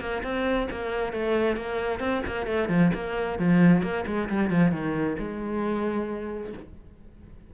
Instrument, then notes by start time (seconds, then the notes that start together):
cello
0.00 A#3
0.23 C4
0.70 A#3
1.13 A3
1.56 A#3
1.99 C4
2.26 A#3
2.46 A3
2.69 F3
2.94 A#3
3.38 F3
3.82 A#3
4.06 G#3
4.29 G3
4.50 F3
4.71 D#3
5.19 G#3